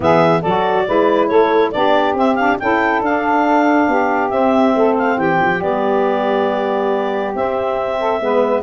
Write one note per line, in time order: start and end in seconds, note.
0.00 0.42 E3
0.00 0.43 B3
0.00 0.40 G#4
0.00 0.42 E5
0.40 0.88 F#3
0.40 0.83 A4
0.40 1.28 D5
0.48 0.86 F#4
0.86 1.30 G#3
0.86 1.72 E4
0.86 1.28 B4
1.28 1.74 A3
1.28 1.71 A4
1.28 1.71 C#5
1.71 2.14 B3
1.71 2.15 D4
1.71 2.60 G4
1.71 2.14 D5
2.14 2.57 C4
2.14 2.37 C4
2.14 2.35 E5
2.35 2.60 D4
2.35 2.57 F5
2.59 3.01 C#4
2.59 3.04 E4
2.59 3.87 A4
2.59 3.02 G5
3.01 3.87 D4
3.01 4.29 D4
3.01 4.29 F5
3.87 4.31 B3
3.87 4.74 G4
4.29 5.59 C4
4.29 4.74 C4
4.29 4.94 E5
4.75 5.17 A3
4.75 5.16 A4
4.98 5.18 F5
5.16 5.38 E3
5.16 7.97 G4
5.16 5.61 G5
5.40 5.60 F3
5.60 7.33 G3
5.60 7.34 B3
5.60 7.34 D5
7.34 8.20 C4
7.34 8.62 E5
7.99 8.21 A4
8.20 8.62 G#3
8.20 8.62 B3
8.20 8.62 B4